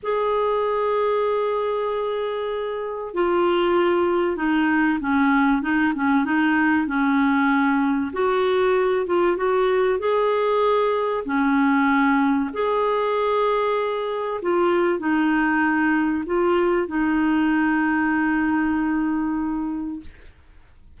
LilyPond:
\new Staff \with { instrumentName = "clarinet" } { \time 4/4 \tempo 4 = 96 gis'1~ | gis'4 f'2 dis'4 | cis'4 dis'8 cis'8 dis'4 cis'4~ | cis'4 fis'4. f'8 fis'4 |
gis'2 cis'2 | gis'2. f'4 | dis'2 f'4 dis'4~ | dis'1 | }